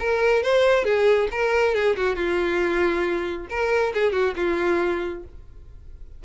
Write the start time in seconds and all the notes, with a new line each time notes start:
0.00 A#4
0.43 C5
0.85 G#4
1.32 A#4
1.75 G#4
1.97 F#4
2.16 F4
3.50 A#4
3.94 G#4
4.13 F#4
4.37 F4